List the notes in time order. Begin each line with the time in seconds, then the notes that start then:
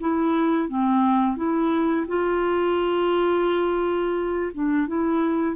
0.00 E4
0.68 C4
1.36 E4
2.07 F4
4.53 D4
4.87 E4